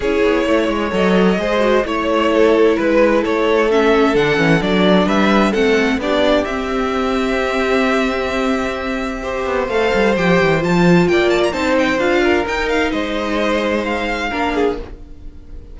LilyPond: <<
  \new Staff \with { instrumentName = "violin" } { \time 4/4 \tempo 4 = 130 cis''2 dis''2 | cis''2 b'4 cis''4 | e''4 fis''4 d''4 e''4 | fis''4 d''4 e''2~ |
e''1~ | e''4 f''4 g''4 a''4 | g''8 a''16 ais''16 a''8 g''8 f''4 g''8 f''8 | dis''2 f''2 | }
  \new Staff \with { instrumentName = "violin" } { \time 4/4 gis'4 cis''2 c''4 | cis''4 a'4 b'4 a'4~ | a'2. b'4 | a'4 g'2.~ |
g'1 | c''1 | d''4 c''4. ais'4. | c''2. ais'8 gis'8 | }
  \new Staff \with { instrumentName = "viola" } { \time 4/4 e'2 a'4 gis'8 fis'8 | e'1 | cis'4 d'8 cis'8 d'2 | c'4 d'4 c'2~ |
c'1 | g'4 a'4 g'4 f'4~ | f'4 dis'4 f'4 dis'4~ | dis'2. d'4 | }
  \new Staff \with { instrumentName = "cello" } { \time 4/4 cis'8 b8 a8 gis8 fis4 gis4 | a2 gis4 a4~ | a4 d8 e8 fis4 g4 | a4 b4 c'2~ |
c'1~ | c'8 b8 a8 g8 f8 e8 f4 | ais4 c'4 d'4 dis'4 | gis2. ais4 | }
>>